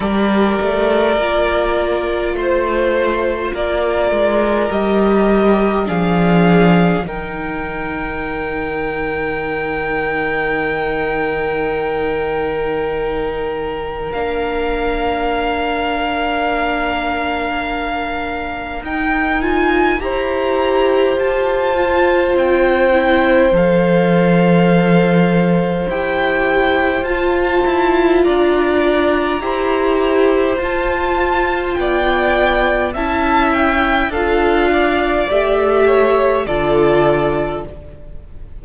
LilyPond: <<
  \new Staff \with { instrumentName = "violin" } { \time 4/4 \tempo 4 = 51 d''2 c''4 d''4 | dis''4 f''4 g''2~ | g''1 | f''1 |
g''8 gis''8 ais''4 a''4 g''4 | f''2 g''4 a''4 | ais''2 a''4 g''4 | a''8 g''8 f''4 e''4 d''4 | }
  \new Staff \with { instrumentName = "violin" } { \time 4/4 ais'2 c''4 ais'4~ | ais'4 gis'4 ais'2~ | ais'1~ | ais'1~ |
ais'4 c''2.~ | c''1 | d''4 c''2 d''4 | e''4 a'8 d''4 cis''8 a'4 | }
  \new Staff \with { instrumentName = "viola" } { \time 4/4 g'4 f'2. | g'4 d'4 dis'2~ | dis'1 | d'1 |
dis'8 f'8 g'4. f'4 e'8 | a'2 g'4 f'4~ | f'4 g'4 f'2 | e'4 f'4 g'4 f'4 | }
  \new Staff \with { instrumentName = "cello" } { \time 4/4 g8 a8 ais4 a4 ais8 gis8 | g4 f4 dis2~ | dis1 | ais1 |
dis'4 e'4 f'4 c'4 | f2 e'4 f'8 e'8 | d'4 e'4 f'4 b4 | cis'4 d'4 a4 d4 | }
>>